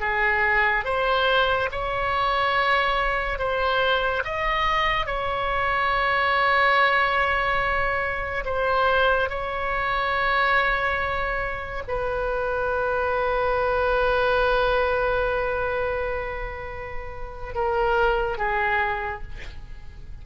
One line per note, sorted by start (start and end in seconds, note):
0.00 0.85 G#4
0.85 1.69 C5
1.72 3.39 C#5
3.39 4.23 C5
4.24 5.06 D#5
5.06 8.44 C#5
8.45 9.30 C5
9.30 11.83 C#5
11.88 17.55 B4
17.55 18.38 A#4
18.38 19.23 G#4